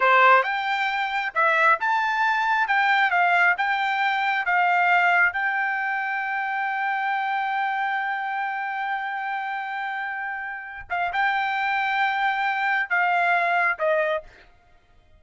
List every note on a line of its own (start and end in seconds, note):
0.00 0.43 C5
0.43 1.32 G5
1.34 1.79 E5
1.80 2.67 A5
2.67 3.10 G5
3.10 3.55 F5
3.57 4.45 G5
4.45 5.32 F5
5.32 10.88 G5
10.90 11.12 F5
11.13 12.89 G5
12.89 13.78 F5
13.78 14.23 D#5